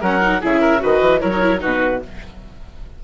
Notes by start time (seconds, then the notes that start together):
0.00 F#3 C#4 A#4 F#5
0.21 D#4
0.41 C#3 E4 G#4 E5
0.60 A#4
0.79 D#3 F#4 B4 D#5
1.01 E3
1.20 F#3 E4 A#4 C#5
1.31 D#4
1.41 E4
1.59 B2 D#4 F#4 B4